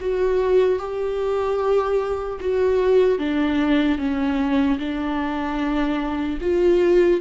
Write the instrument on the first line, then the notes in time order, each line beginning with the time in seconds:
viola
0.00 F#4
0.79 G4
2.40 F#4
3.18 D4
3.98 C#4
4.78 D4
6.41 F4